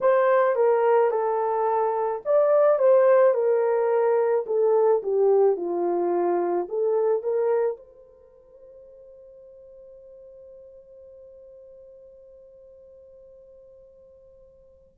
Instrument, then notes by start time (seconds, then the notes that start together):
horn
0.00 C5
0.56 A#4
1.11 A4
2.25 D5
2.78 C5
3.34 A#4
4.46 A4
5.03 G4
5.56 F4
6.68 A4
7.22 A#4
7.76 C5